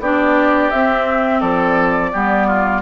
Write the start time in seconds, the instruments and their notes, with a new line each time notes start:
0.00 bassoon B3, clarinet D4, oboe G4, flute D5
0.70 bassoon C4, clarinet C4, flute E5
1.40 bassoon F3, oboe A4, flute D5
2.13 bassoon G3, clarinet B3, oboe G4
2.47 oboe F4